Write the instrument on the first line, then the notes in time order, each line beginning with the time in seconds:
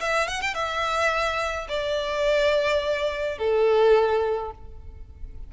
violin
0.00 E5
0.28 F#5
0.41 G5
0.54 E5
1.69 D5
3.38 A4